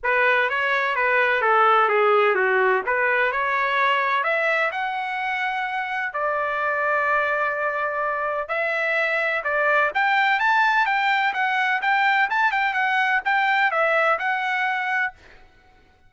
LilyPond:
\new Staff \with { instrumentName = "trumpet" } { \time 4/4 \tempo 4 = 127 b'4 cis''4 b'4 a'4 | gis'4 fis'4 b'4 cis''4~ | cis''4 e''4 fis''2~ | fis''4 d''2.~ |
d''2 e''2 | d''4 g''4 a''4 g''4 | fis''4 g''4 a''8 g''8 fis''4 | g''4 e''4 fis''2 | }